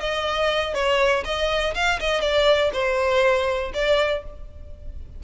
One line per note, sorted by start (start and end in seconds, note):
0.00 0.74 D#5
0.75 1.24 C#5
1.25 1.74 D#5
1.75 1.99 F5
2.00 2.21 D#5
2.21 2.71 D5
2.73 3.72 C5
3.74 4.24 D5